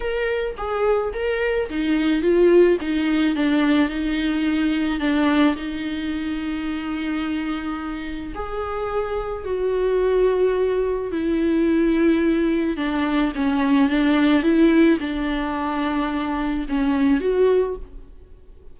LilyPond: \new Staff \with { instrumentName = "viola" } { \time 4/4 \tempo 4 = 108 ais'4 gis'4 ais'4 dis'4 | f'4 dis'4 d'4 dis'4~ | dis'4 d'4 dis'2~ | dis'2. gis'4~ |
gis'4 fis'2. | e'2. d'4 | cis'4 d'4 e'4 d'4~ | d'2 cis'4 fis'4 | }